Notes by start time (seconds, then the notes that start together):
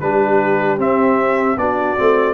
0.00 G3 D4 G4 B4
0.78 C4 E5
1.57 B3 D4 F#4 D5
1.97 A3 C4